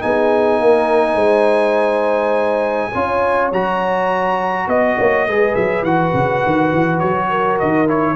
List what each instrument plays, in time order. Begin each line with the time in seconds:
0.00 tuba B3, trombone D#4, horn G#4, trumpet G#5
0.60 tuba A#3, horn A#4
1.15 tuba G#3, horn C5
2.93 tuba C#4, trombone F4, horn C#5
3.52 tuba F#3, trombone F#4, trumpet A#5
4.67 tuba B3, trumpet D#5, horn D#5
4.98 tuba A#3, horn C#5
5.27 tuba G#3, trombone G#4, horn B4
5.55 tuba F#3, trumpet E5
5.83 tuba E3, trombone F#4, trumpet F#5
6.14 tuba C#3
6.46 tuba D#3
6.72 tuba E3
7.00 tuba F#3, trumpet C#5
7.29 horn A#4
7.59 tuba D#3, trumpet D#5
7.87 trombone E4, trumpet C#5